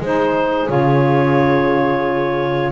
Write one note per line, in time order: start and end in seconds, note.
0.00 0.68 G#3
0.00 0.68 D#4
0.00 2.72 G#4
0.00 0.70 C5
0.68 2.72 C#3
0.68 2.72 F4
0.68 2.72 C#5